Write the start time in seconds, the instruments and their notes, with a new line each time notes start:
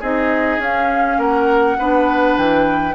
0.00 bassoon C4, clarinet D#4, oboe G#4, flute D#5
0.58 bassoon C#4, clarinet C#4, flute F5
1.18 bassoon A#3, oboe A#4, flute F#5
1.79 bassoon B3, clarinet D4, oboe B4
2.38 bassoon E3, flute G5